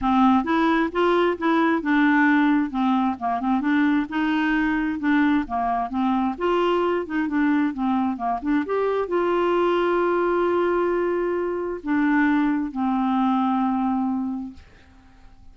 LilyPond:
\new Staff \with { instrumentName = "clarinet" } { \time 4/4 \tempo 4 = 132 c'4 e'4 f'4 e'4 | d'2 c'4 ais8 c'8 | d'4 dis'2 d'4 | ais4 c'4 f'4. dis'8 |
d'4 c'4 ais8 d'8 g'4 | f'1~ | f'2 d'2 | c'1 | }